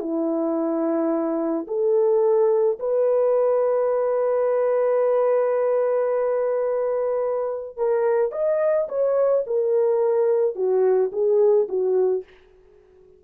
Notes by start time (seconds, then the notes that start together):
0.00 E4
1.68 A4
2.80 B4
7.78 A#4
8.32 D#5
8.89 C#5
9.47 A#4
10.56 F#4
11.12 G#4
11.69 F#4